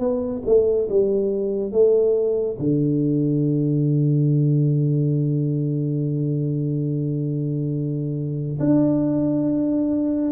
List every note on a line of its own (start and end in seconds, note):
0.00 0.43 B3
0.46 0.89 A3
0.90 1.73 G3
1.73 2.58 A3
2.59 8.59 D3
8.60 10.32 D4